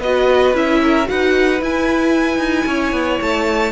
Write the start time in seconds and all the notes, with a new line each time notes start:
0.00 B3 F#4 B4 D#5
0.54 C#4 E4 E5
0.83 A#4
1.05 D#4 F#4 B4 F#5
1.62 E4 G#5
2.39 D#4
2.67 C#4 C#5
2.92 B3
3.22 A3 A5